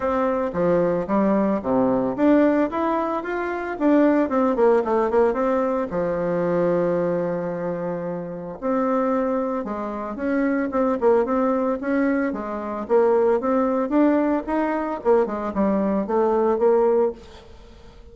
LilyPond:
\new Staff \with { instrumentName = "bassoon" } { \time 4/4 \tempo 4 = 112 c'4 f4 g4 c4 | d'4 e'4 f'4 d'4 | c'8 ais8 a8 ais8 c'4 f4~ | f1 |
c'2 gis4 cis'4 | c'8 ais8 c'4 cis'4 gis4 | ais4 c'4 d'4 dis'4 | ais8 gis8 g4 a4 ais4 | }